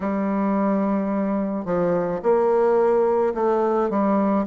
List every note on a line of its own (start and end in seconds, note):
0.00 1.65 G3
1.65 2.20 F3
2.22 3.33 A#3
3.34 3.90 A3
3.90 4.45 G3